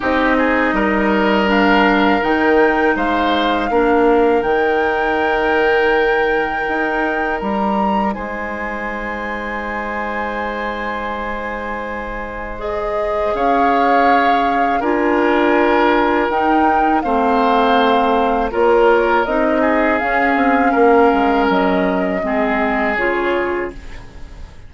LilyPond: <<
  \new Staff \with { instrumentName = "flute" } { \time 4/4 \tempo 4 = 81 dis''2 f''4 g''4 | f''2 g''2~ | g''2 ais''4 gis''4~ | gis''1~ |
gis''4 dis''4 f''2 | gis''2 g''4 f''4~ | f''4 cis''4 dis''4 f''4~ | f''4 dis''2 cis''4 | }
  \new Staff \with { instrumentName = "oboe" } { \time 4/4 g'8 gis'8 ais'2. | c''4 ais'2.~ | ais'2. c''4~ | c''1~ |
c''2 cis''2 | ais'2. c''4~ | c''4 ais'4. gis'4. | ais'2 gis'2 | }
  \new Staff \with { instrumentName = "clarinet" } { \time 4/4 dis'2 d'4 dis'4~ | dis'4 d'4 dis'2~ | dis'1~ | dis'1~ |
dis'4 gis'2. | f'2 dis'4 c'4~ | c'4 f'4 dis'4 cis'4~ | cis'2 c'4 f'4 | }
  \new Staff \with { instrumentName = "bassoon" } { \time 4/4 c'4 g2 dis4 | gis4 ais4 dis2~ | dis4 dis'4 g4 gis4~ | gis1~ |
gis2 cis'2 | d'2 dis'4 a4~ | a4 ais4 c'4 cis'8 c'8 | ais8 gis8 fis4 gis4 cis4 | }
>>